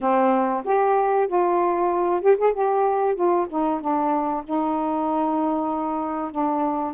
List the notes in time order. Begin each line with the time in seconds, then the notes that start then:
0.00 C4
0.64 G4
1.27 F4
2.21 G4
2.37 G#4
2.53 G4
3.15 F4
3.49 D#4
3.80 D4
4.44 D#4
6.31 D4